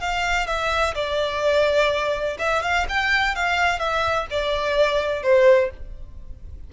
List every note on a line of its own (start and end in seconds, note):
0.00 0.47 F5
0.47 0.94 E5
0.95 2.38 D5
2.39 2.63 E5
2.63 2.87 F5
2.89 3.35 G5
3.35 3.79 F5
3.79 4.27 E5
4.30 5.23 D5
5.23 5.70 C5